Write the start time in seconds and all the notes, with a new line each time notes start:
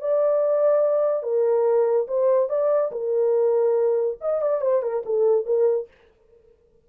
0.00 D5
1.23 A#4
2.07 C5
2.49 D5
2.91 A#4
4.20 D#5
4.42 D5
4.61 C5
4.82 A#4
5.05 A4
5.45 A#4